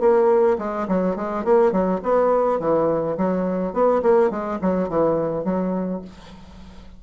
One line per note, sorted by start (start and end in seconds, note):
0.00 0.57 A#3
0.58 0.87 G#3
0.88 1.16 F#3
1.16 1.44 G#3
1.44 1.72 A#3
1.72 2.01 F#3
2.03 2.60 B3
2.60 3.17 E3
3.17 3.73 F#3
3.73 4.02 B3
4.02 4.30 A#3
4.30 4.59 G#3
4.61 4.89 F#3
4.89 5.44 E3
5.44 6.01 F#3